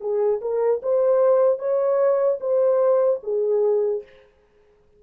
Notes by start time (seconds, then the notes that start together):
0.00 G#4
0.41 A#4
0.82 C5
1.59 C#5
2.40 C5
3.23 G#4